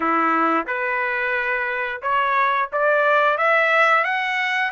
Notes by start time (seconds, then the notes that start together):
0.00 E4
0.66 B4
2.01 C#5
2.72 D5
3.37 E5
4.04 F#5